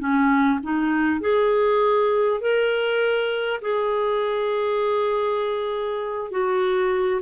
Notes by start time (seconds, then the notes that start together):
0.00 C#4
0.64 D#4
1.21 G#4
2.41 A#4
3.62 G#4
6.31 F#4